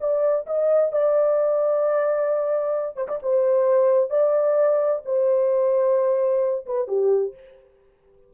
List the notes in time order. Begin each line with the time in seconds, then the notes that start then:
0.00 D5
0.46 D#5
0.92 D5
2.96 C5
3.07 D5
3.22 C5
4.10 D5
5.05 C5
6.66 B4
6.87 G4